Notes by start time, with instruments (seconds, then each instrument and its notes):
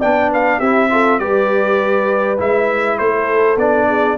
0.00 tuba B3, trombone D4, horn D5, trumpet G5
0.32 horn B4, trumpet F5
0.59 tuba C4, trombone E4, horn G4, trumpet E5
0.90 trombone F4, horn A4
1.19 tuba G3, trombone G4, horn B4, trumpet D5
2.38 tuba G#3, trombone E4, trumpet E5
2.98 tuba A3, horn A4, trumpet C5
3.57 tuba B3, trombone D4, trumpet D5
3.88 horn G#4